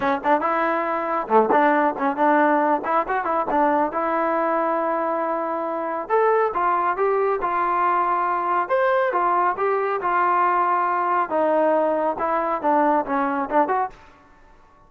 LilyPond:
\new Staff \with { instrumentName = "trombone" } { \time 4/4 \tempo 4 = 138 cis'8 d'8 e'2 a8 d'8~ | d'8 cis'8 d'4. e'8 fis'8 e'8 | d'4 e'2.~ | e'2 a'4 f'4 |
g'4 f'2. | c''4 f'4 g'4 f'4~ | f'2 dis'2 | e'4 d'4 cis'4 d'8 fis'8 | }